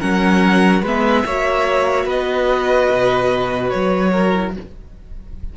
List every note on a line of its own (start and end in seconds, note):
0.00 0.83 F#3
0.00 0.82 C#4
0.00 0.82 A#4
0.00 0.83 F#5
0.83 1.24 G#3
0.83 1.28 B3
0.83 1.24 B4
0.83 2.09 E5
1.26 2.06 A#3
1.26 4.32 F#4
1.26 2.05 C#5
2.05 2.88 B3
2.05 4.11 B4
2.05 3.70 D#5
2.90 3.73 B2
3.70 4.57 F#3
3.70 4.52 C#5
4.12 4.53 A#4
4.32 4.53 E4